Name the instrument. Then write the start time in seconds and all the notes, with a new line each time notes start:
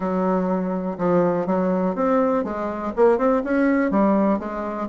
bassoon
0.00 F#3
0.98 F3
1.46 F#3
1.95 C4
2.44 G#3
2.96 A#3
3.18 C4
3.43 C#4
3.90 G3
4.39 G#3